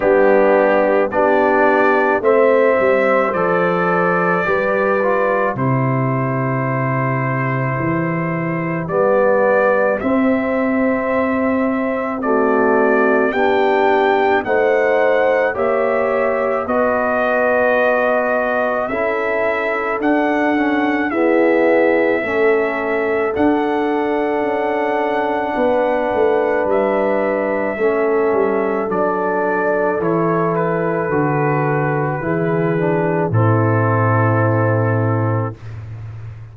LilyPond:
<<
  \new Staff \with { instrumentName = "trumpet" } { \time 4/4 \tempo 4 = 54 g'4 d''4 e''4 d''4~ | d''4 c''2. | d''4 e''2 d''4 | g''4 fis''4 e''4 dis''4~ |
dis''4 e''4 fis''4 e''4~ | e''4 fis''2. | e''2 d''4 cis''8 b'8~ | b'2 a'2 | }
  \new Staff \with { instrumentName = "horn" } { \time 4/4 d'4 g'4 c''2 | b'4 g'2.~ | g'2. fis'4 | g'4 c''4 cis''4 b'4~ |
b'4 a'2 gis'4 | a'2. b'4~ | b'4 a'2.~ | a'4 gis'4 e'2 | }
  \new Staff \with { instrumentName = "trombone" } { \time 4/4 b4 d'4 c'4 a'4 | g'8 f'8 e'2. | b4 c'2 a4 | d'4 dis'4 g'4 fis'4~ |
fis'4 e'4 d'8 cis'8 b4 | cis'4 d'2.~ | d'4 cis'4 d'4 e'4 | fis'4 e'8 d'8 c'2 | }
  \new Staff \with { instrumentName = "tuba" } { \time 4/4 g4 b4 a8 g8 f4 | g4 c2 e4 | g4 c'2. | b4 a4 ais4 b4~ |
b4 cis'4 d'4 e'4 | a4 d'4 cis'4 b8 a8 | g4 a8 g8 fis4 e4 | d4 e4 a,2 | }
>>